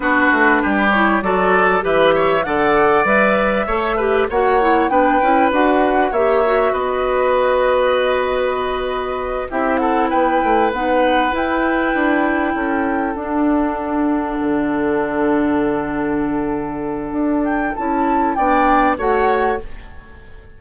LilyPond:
<<
  \new Staff \with { instrumentName = "flute" } { \time 4/4 \tempo 4 = 98 b'4. cis''8 d''4 e''4 | fis''4 e''2 fis''4 | g''4 fis''4 e''4 dis''4~ | dis''2.~ dis''8 e''8 |
fis''8 g''4 fis''4 g''4.~ | g''4. fis''2~ fis''8~ | fis''1~ | fis''8 g''8 a''4 g''4 fis''4 | }
  \new Staff \with { instrumentName = "oboe" } { \time 4/4 fis'4 g'4 a'4 b'8 cis''8 | d''2 cis''8 b'8 cis''4 | b'2 cis''4 b'4~ | b'2.~ b'8 g'8 |
a'8 b'2.~ b'8~ | b'8 a'2.~ a'8~ | a'1~ | a'2 d''4 cis''4 | }
  \new Staff \with { instrumentName = "clarinet" } { \time 4/4 d'4. e'8 fis'4 g'4 | a'4 b'4 a'8 g'8 fis'8 e'8 | d'8 e'8 fis'4 g'8 fis'4.~ | fis'2.~ fis'8 e'8~ |
e'4. dis'4 e'4.~ | e'4. d'2~ d'8~ | d'1~ | d'4 e'4 d'4 fis'4 | }
  \new Staff \with { instrumentName = "bassoon" } { \time 4/4 b8 a8 g4 fis4 e4 | d4 g4 a4 ais4 | b8 cis'8 d'4 ais4 b4~ | b2.~ b8 c'8~ |
c'8 b8 a8 b4 e'4 d'8~ | d'8 cis'4 d'2 d8~ | d1 | d'4 cis'4 b4 a4 | }
>>